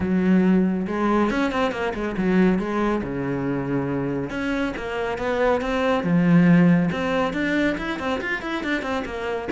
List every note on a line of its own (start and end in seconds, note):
0.00 0.86 F#3
0.87 1.30 G#3
1.30 1.51 C#4
1.51 1.71 C4
1.71 1.93 A#3
1.94 2.15 G#3
2.17 2.58 F#3
2.58 3.01 G#3
3.03 4.29 C#3
4.29 4.73 C#4
4.76 5.18 A#3
5.18 5.61 B3
5.61 6.03 C4
6.03 6.89 F3
6.91 7.33 C4
7.33 7.76 D4
7.77 7.99 E4
7.99 8.20 C4
8.21 8.42 F4
8.42 8.63 E4
8.63 8.82 D4
8.82 9.03 C4
9.05 9.48 A#3